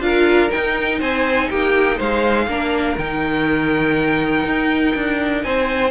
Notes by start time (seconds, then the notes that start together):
0.00 D4 F4 A#4 F5
0.48 D#4 G5
0.99 C4 C5 G#5
1.49 A#3 G4 G5
1.96 G#3 C5 F5
2.47 A#3 D4 A#4
2.97 D#3 D#4 G5
4.45 D#4
4.95 D4
5.43 C4 C5 G#5